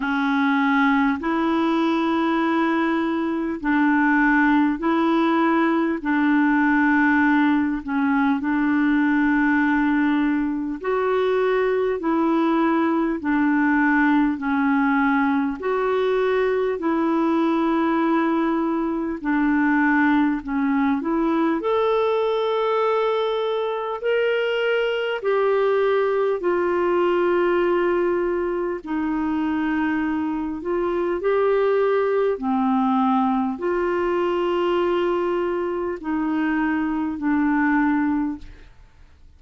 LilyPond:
\new Staff \with { instrumentName = "clarinet" } { \time 4/4 \tempo 4 = 50 cis'4 e'2 d'4 | e'4 d'4. cis'8 d'4~ | d'4 fis'4 e'4 d'4 | cis'4 fis'4 e'2 |
d'4 cis'8 e'8 a'2 | ais'4 g'4 f'2 | dis'4. f'8 g'4 c'4 | f'2 dis'4 d'4 | }